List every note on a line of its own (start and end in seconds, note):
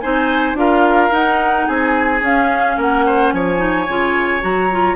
0.00 0.54 C4
0.00 0.56 D#4
0.00 0.57 C5
0.00 0.55 G#5
0.54 1.09 D4
0.54 1.11 F4
0.54 1.67 A#4
0.54 1.13 F5
1.11 2.21 D#4
1.11 1.67 D#4
1.11 1.67 F#5
1.67 2.21 C4
1.67 2.77 G#4
1.67 2.22 G#5
2.21 2.76 C#4
2.21 3.57 C#4
2.21 2.79 F5
2.77 3.32 A#3
2.77 3.04 A#4
2.77 3.31 F#5
3.06 3.33 C5
3.31 3.87 F3
3.31 4.95 C#5
3.31 4.42 G#5
3.57 3.84 D#4
3.87 4.42 C#3
3.87 4.41 F4
4.41 4.95 F#3
4.41 4.68 F#4
4.41 4.95 A#5
4.71 4.95 F4